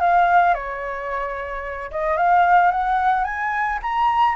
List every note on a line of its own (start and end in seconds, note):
0.00 0.54 F5
0.54 1.90 C#5
1.90 2.17 D#5
2.17 2.71 F5
2.71 3.24 F#5
3.24 3.79 G#5
3.82 4.35 A#5